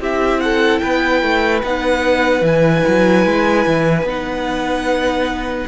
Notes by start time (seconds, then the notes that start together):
0.00 C4 E4 G4 E5
0.41 A4 F#5
0.79 B3 B4 G5
1.22 A3
1.63 B3 D#4 F#5
2.42 E3 E4 G#5
2.88 F#3
3.26 G#3
3.67 E3
4.03 B3 D#4
4.10 F#5